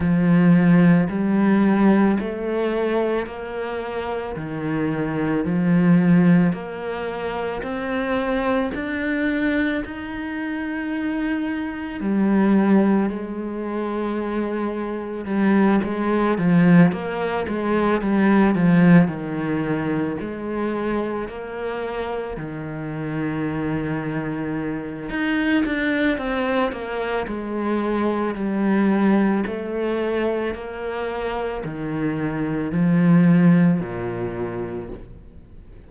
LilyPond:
\new Staff \with { instrumentName = "cello" } { \time 4/4 \tempo 4 = 55 f4 g4 a4 ais4 | dis4 f4 ais4 c'4 | d'4 dis'2 g4 | gis2 g8 gis8 f8 ais8 |
gis8 g8 f8 dis4 gis4 ais8~ | ais8 dis2~ dis8 dis'8 d'8 | c'8 ais8 gis4 g4 a4 | ais4 dis4 f4 ais,4 | }